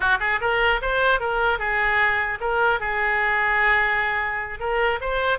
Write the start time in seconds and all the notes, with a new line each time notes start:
0.00 F#4
0.20 G#4
0.41 A#4
0.81 C5
1.19 A#4
1.59 G#4
2.40 A#4
2.80 G#4
4.59 A#4
5.00 C5